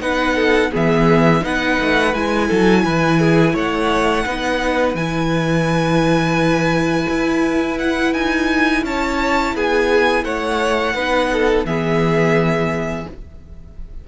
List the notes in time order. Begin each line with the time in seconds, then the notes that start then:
0.00 B3 D#4 B4 F#5
0.35 A4
0.71 E3 B3 G#4 E5
1.41 B3 D#4 B4 F#5
1.80 A3
2.14 G#3 E4 G#5
2.47 F#3 A4
2.84 E3 B4
3.19 G#4
3.53 A3 C#5 F#5
4.25 B3 D#4 B4
4.94 E3 E4 G#5
7.09 E4
7.78 F#5
8.13 D#4 G#5
8.83 C#4 C#5 A5
9.54 B3 G#4 G#5
10.24 A3 C#5 F#5
10.94 B3 D#4 B4
11.32 A4
11.64 E3 B3 G#4 E5